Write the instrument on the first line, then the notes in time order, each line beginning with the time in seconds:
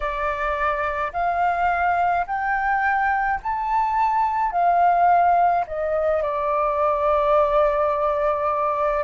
flute
0.00 D5
1.12 F5
2.26 G5
3.42 A5
4.51 F5
5.67 D#5
6.22 D5